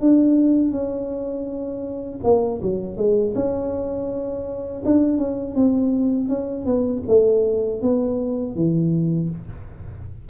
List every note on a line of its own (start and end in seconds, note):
0.00 0.71 D4
0.71 2.20 C#4
2.23 2.60 A#3
2.62 2.97 F#3
2.97 3.34 G#3
3.35 4.83 C#4
4.85 5.18 D4
5.18 5.55 C#4
5.55 6.28 C4
6.28 6.65 C#4
6.65 7.02 B3
7.07 7.81 A3
7.81 8.55 B3
8.55 9.29 E3